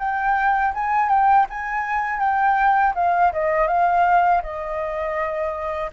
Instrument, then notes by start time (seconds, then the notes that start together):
flute
0.00 G5
0.75 G#5
1.09 G5
1.50 G#5
2.20 G5
2.96 F5
3.33 D#5
3.68 F5
4.43 D#5